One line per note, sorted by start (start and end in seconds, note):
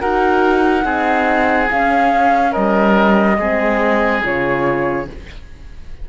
0.00 0.84 D#4
0.00 0.83 F#4
0.00 0.85 A#4
0.00 1.69 F#5
0.83 1.69 C4
0.83 1.67 D#4
0.83 2.52 G#4
1.70 3.39 C#4
1.70 2.56 C#4
1.70 2.53 F5
2.52 3.38 G3
2.52 3.36 A#4
2.52 4.22 D#5
3.38 4.22 G#3
3.38 4.23 C4
3.38 5.09 G#4
4.23 5.08 C#3
4.23 5.07 F4
4.23 5.09 C#5